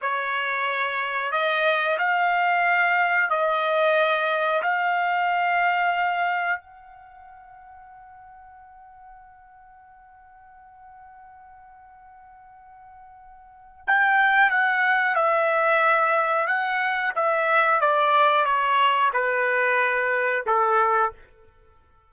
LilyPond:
\new Staff \with { instrumentName = "trumpet" } { \time 4/4 \tempo 4 = 91 cis''2 dis''4 f''4~ | f''4 dis''2 f''4~ | f''2 fis''2~ | fis''1~ |
fis''1~ | fis''4 g''4 fis''4 e''4~ | e''4 fis''4 e''4 d''4 | cis''4 b'2 a'4 | }